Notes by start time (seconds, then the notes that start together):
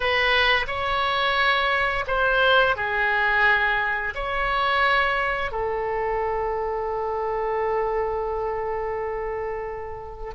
0.00 B4
0.67 C#5
2.07 C5
2.76 G#4
4.14 C#5
5.51 A4